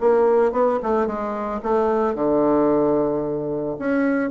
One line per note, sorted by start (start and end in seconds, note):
0.00 0.52 A#3
0.52 0.79 B3
0.82 1.06 A3
1.06 1.60 G#3
1.62 2.14 A3
2.14 3.76 D3
3.78 4.30 C#4